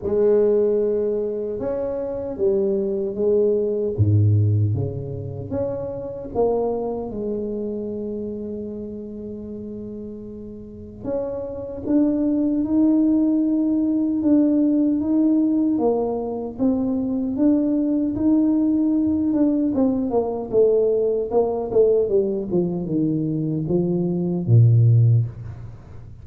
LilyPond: \new Staff \with { instrumentName = "tuba" } { \time 4/4 \tempo 4 = 76 gis2 cis'4 g4 | gis4 gis,4 cis4 cis'4 | ais4 gis2.~ | gis2 cis'4 d'4 |
dis'2 d'4 dis'4 | ais4 c'4 d'4 dis'4~ | dis'8 d'8 c'8 ais8 a4 ais8 a8 | g8 f8 dis4 f4 ais,4 | }